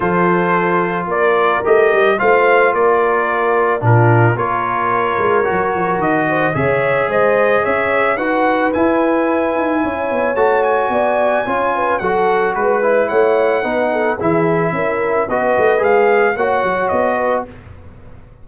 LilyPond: <<
  \new Staff \with { instrumentName = "trumpet" } { \time 4/4 \tempo 4 = 110 c''2 d''4 dis''4 | f''4 d''2 ais'4 | cis''2. dis''4 | e''4 dis''4 e''4 fis''4 |
gis''2. a''8 gis''8~ | gis''2 fis''4 b'4 | fis''2 e''2 | dis''4 f''4 fis''4 dis''4 | }
  \new Staff \with { instrumentName = "horn" } { \time 4/4 a'2 ais'2 | c''4 ais'2 f'4 | ais'2.~ ais'8 c''8 | cis''4 c''4 cis''4 b'4~ |
b'2 cis''2 | d''4 cis''8 b'8 a'4 b'4 | cis''4 b'8 a'8 gis'4 ais'4 | b'2 cis''4. b'8 | }
  \new Staff \with { instrumentName = "trombone" } { \time 4/4 f'2. g'4 | f'2. d'4 | f'2 fis'2 | gis'2. fis'4 |
e'2. fis'4~ | fis'4 f'4 fis'4. e'8~ | e'4 dis'4 e'2 | fis'4 gis'4 fis'2 | }
  \new Staff \with { instrumentName = "tuba" } { \time 4/4 f2 ais4 a8 g8 | a4 ais2 ais,4 | ais4. gis8 fis8 f8 dis4 | cis4 gis4 cis'4 dis'4 |
e'4. dis'8 cis'8 b8 a4 | b4 cis'4 fis4 gis4 | a4 b4 e4 cis'4 | b8 a8 gis4 ais8 fis8 b4 | }
>>